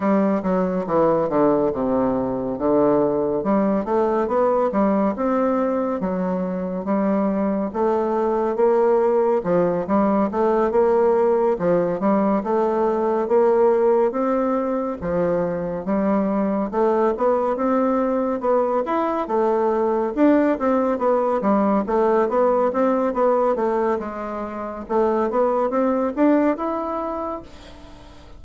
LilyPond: \new Staff \with { instrumentName = "bassoon" } { \time 4/4 \tempo 4 = 70 g8 fis8 e8 d8 c4 d4 | g8 a8 b8 g8 c'4 fis4 | g4 a4 ais4 f8 g8 | a8 ais4 f8 g8 a4 ais8~ |
ais8 c'4 f4 g4 a8 | b8 c'4 b8 e'8 a4 d'8 | c'8 b8 g8 a8 b8 c'8 b8 a8 | gis4 a8 b8 c'8 d'8 e'4 | }